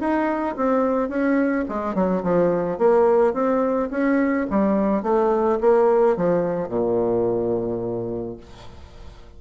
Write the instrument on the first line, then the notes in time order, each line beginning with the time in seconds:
bassoon
0.00 D#4
0.56 C4
1.09 C#4
1.69 G#3
1.95 F#3
2.23 F3
2.78 A#3
3.33 C4
3.91 C#4
4.50 G3
5.03 A3
5.60 A#3
6.17 F3
6.69 A#2